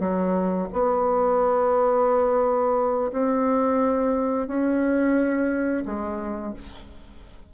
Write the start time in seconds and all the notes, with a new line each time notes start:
0.00 F#3
0.73 B3
3.13 C4
4.48 C#4
5.86 G#3